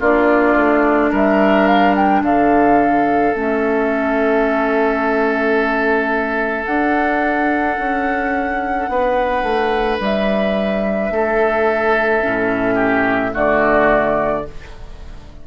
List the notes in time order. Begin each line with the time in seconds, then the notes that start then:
0.00 A#3 D4 F4 D5
0.56 A3
1.11 G3 A#4 E5
1.67 F5
1.96 G5
2.22 D3 A4 F5
3.34 A3 C#4 E5
6.65 D4 F#5
7.79 C#4
8.89 B3 B4
9.43 A3
10.00 G3 E5
11.11 A3 A4
12.22 A2 C#4
12.75 G4
13.32 D3 A3 F#4 D5